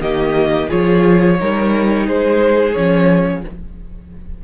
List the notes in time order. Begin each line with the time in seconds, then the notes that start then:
0.00 D#3 A#3 G4 D#5
0.69 F3 F4 G#4 C#5
1.40 G3 D#4 A#4
2.06 G#3 G#4 C5
2.73 F3 C#4 C#5